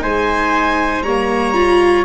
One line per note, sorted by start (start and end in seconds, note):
0.00 1.03 G#3
0.00 1.02 D#4
0.00 1.04 C5
0.00 1.03 G#5
1.03 2.04 G3
1.03 1.54 A#3
1.03 2.05 C#5
1.03 2.05 A#5
1.54 2.05 F4